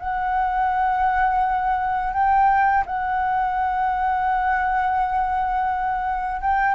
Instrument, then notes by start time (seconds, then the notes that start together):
flute
0.00 F#5
2.14 G5
2.87 F#5
6.42 G5